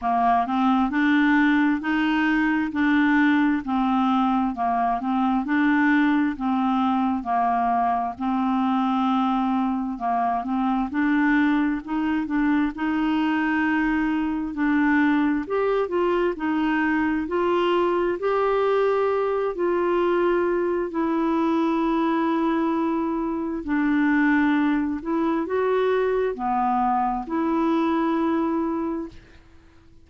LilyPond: \new Staff \with { instrumentName = "clarinet" } { \time 4/4 \tempo 4 = 66 ais8 c'8 d'4 dis'4 d'4 | c'4 ais8 c'8 d'4 c'4 | ais4 c'2 ais8 c'8 | d'4 dis'8 d'8 dis'2 |
d'4 g'8 f'8 dis'4 f'4 | g'4. f'4. e'4~ | e'2 d'4. e'8 | fis'4 b4 e'2 | }